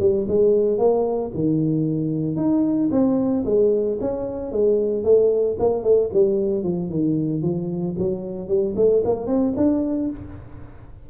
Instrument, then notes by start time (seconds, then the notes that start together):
tuba
0.00 G3
0.28 G#3
0.79 A#3
1.34 D#3
2.37 D#4
2.92 C4
3.45 G#3
4.01 C#4
4.52 G#3
5.04 A3
5.59 A#3
5.84 A3
6.13 G3
6.64 F3
6.90 D#3
7.43 F3
7.99 F#3
8.48 G3
8.77 A3
9.05 A#3
9.27 C4
9.57 D4